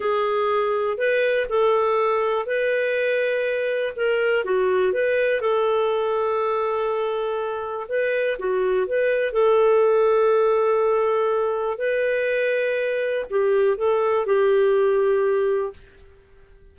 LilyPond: \new Staff \with { instrumentName = "clarinet" } { \time 4/4 \tempo 4 = 122 gis'2 b'4 a'4~ | a'4 b'2. | ais'4 fis'4 b'4 a'4~ | a'1 |
b'4 fis'4 b'4 a'4~ | a'1 | b'2. g'4 | a'4 g'2. | }